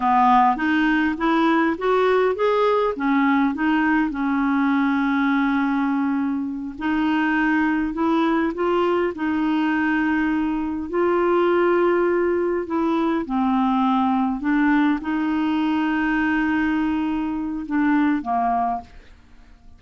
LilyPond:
\new Staff \with { instrumentName = "clarinet" } { \time 4/4 \tempo 4 = 102 b4 dis'4 e'4 fis'4 | gis'4 cis'4 dis'4 cis'4~ | cis'2.~ cis'8 dis'8~ | dis'4. e'4 f'4 dis'8~ |
dis'2~ dis'8 f'4.~ | f'4. e'4 c'4.~ | c'8 d'4 dis'2~ dis'8~ | dis'2 d'4 ais4 | }